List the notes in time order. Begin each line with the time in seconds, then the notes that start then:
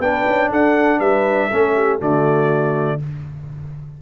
0.00 B3 D4 B4 G5
0.27 C#4
0.50 D4 A4 F#5
0.99 G3 B4 E5
1.49 A3 C#4 A4
1.76 G4
1.99 D3 A3 F#4 D5